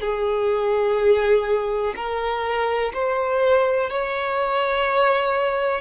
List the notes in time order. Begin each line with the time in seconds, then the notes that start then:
0.00 G#4
1.96 A#4
2.93 C5
3.90 C#5